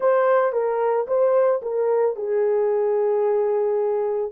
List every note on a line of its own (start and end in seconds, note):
0.00 0.52 C5
0.52 1.06 A#4
1.07 1.61 C5
1.62 2.16 A#4
2.16 4.32 G#4